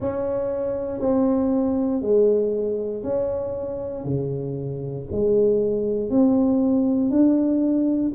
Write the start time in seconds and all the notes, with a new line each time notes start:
0.00 C#4
1.00 C4
2.01 G#3
3.03 C#4
4.04 C#3
5.11 G#3
6.10 C4
7.10 D4